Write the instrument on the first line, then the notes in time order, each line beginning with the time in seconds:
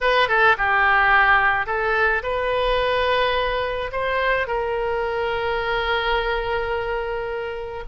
oboe
0.01 B4
0.28 A4
0.57 G4
1.66 A4
2.23 B4
3.92 C5
4.47 A#4